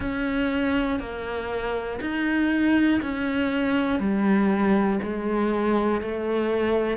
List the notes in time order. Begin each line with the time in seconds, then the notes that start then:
0.00 C#4
1.00 A#3
2.00 D#4
3.01 C#4
4.00 G3
5.02 G#3
6.00 A3